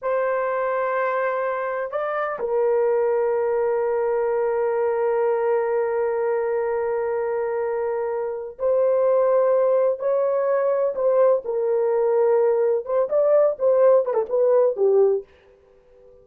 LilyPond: \new Staff \with { instrumentName = "horn" } { \time 4/4 \tempo 4 = 126 c''1 | d''4 ais'2.~ | ais'1~ | ais'1~ |
ais'2 c''2~ | c''4 cis''2 c''4 | ais'2. c''8 d''8~ | d''8 c''4 b'16 a'16 b'4 g'4 | }